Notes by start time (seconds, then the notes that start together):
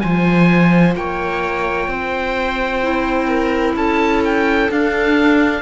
0.00 F3 F4 C5 G#5
0.95 A#3 C#5 G5
1.87 C4 C5
2.83 E4
3.27 A#4
3.75 C#4 A4 A5
4.24 G5
4.70 D4 F5